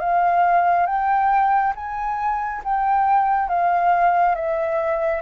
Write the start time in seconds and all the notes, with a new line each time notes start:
0.00 F5
0.87 G5
1.75 G#5
2.64 G5
3.49 F5
4.35 E5